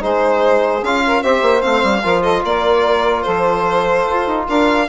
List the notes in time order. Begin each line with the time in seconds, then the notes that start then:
0.00 G#3 D#4 G#4 C5
0.83 C#4 F4 F5
1.06 A#4
1.23 C4 G4 C5 E5
1.42 A#3
1.62 A3 C4 F5
1.83 G3
2.03 F3 F4 A#4
2.22 A4 D#5
2.44 A#3 A#4 D5
3.22 F3 A4 C5
4.09 F4
4.27 D#4
4.48 D4 A#4 F5